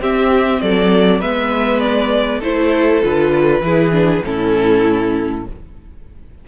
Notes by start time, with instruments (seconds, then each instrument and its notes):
0.00 cello C4, viola C4, violin G4 E5
0.61 cello F#3, violin A4 D5
1.20 cello G#3, viola B3, violin B4 E5
1.80 violin D5
2.39 cello A3, viola E4, violin A4 C5
3.02 cello D3, viola F4, violin B4
3.61 cello E3, viola E4, violin G#4
3.92 viola D4
4.24 cello A2, viola C#4, violin E4 A4